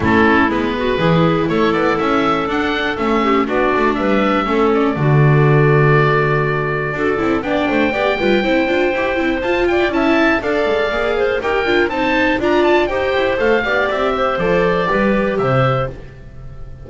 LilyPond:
<<
  \new Staff \with { instrumentName = "oboe" } { \time 4/4 \tempo 4 = 121 a'4 b'2 cis''8 d''8 | e''4 fis''4 e''4 d''4 | e''4. d''2~ d''8~ | d''2. g''4~ |
g''2. a''8 g''8 | a''4 f''2 g''4 | a''4 ais''8 a''8 g''4 f''4 | e''4 d''2 e''4 | }
  \new Staff \with { instrumentName = "clarinet" } { \time 4/4 e'4. fis'8 gis'4 a'4~ | a'2~ a'8 g'8 fis'4 | b'4 a'4 fis'2~ | fis'2 a'4 d''8 c''8 |
d''8 b'8 c''2~ c''8 d''8 | e''4 d''4. c''8 ais'4 | c''4 d''4 c''4. d''8~ | d''8 c''4. b'4 c''4 | }
  \new Staff \with { instrumentName = "viola" } { \time 4/4 cis'4 b4 e'2~ | e'4 d'4 cis'4 d'4~ | d'4 cis'4 a2~ | a2 fis'8 e'8 d'4 |
g'8 f'8 e'8 f'8 g'8 e'8 f'4 | e'4 a'4 gis'4 g'8 f'8 | dis'4 f'4 g'4 a'8 g'8~ | g'4 a'4 g'2 | }
  \new Staff \with { instrumentName = "double bass" } { \time 4/4 a4 gis4 e4 a8 b8 | cis'4 d'4 a4 b8 a8 | g4 a4 d2~ | d2 d'8 c'8 b8 a8 |
b8 g8 c'8 d'8 e'8 c'8 f'8. e'16 | cis'4 d'8 gis8 ais4 dis'8 d'8 | c'4 d'4 dis'8 e'8 a8 b8 | c'4 f4 g4 c4 | }
>>